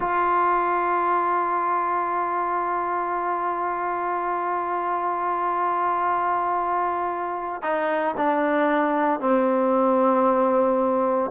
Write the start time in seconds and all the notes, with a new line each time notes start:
0.00 F4
7.62 D#4
8.17 D4
9.20 C4